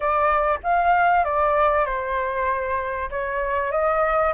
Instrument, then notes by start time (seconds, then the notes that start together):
flute
0.00 D5
0.63 F5
1.24 D5
1.85 C5
3.10 C#5
3.71 D#5